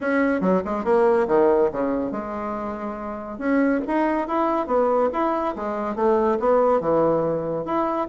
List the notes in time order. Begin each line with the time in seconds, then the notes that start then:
0.00 C#4
0.40 F#3
0.64 G#3
0.84 A#3
1.27 D#3
1.72 C#3
2.11 G#3
3.38 C#4
3.87 D#4
4.27 E4
4.67 B3
5.12 E4
5.55 G#3
5.95 A3
6.39 B3
6.80 E3
7.65 E4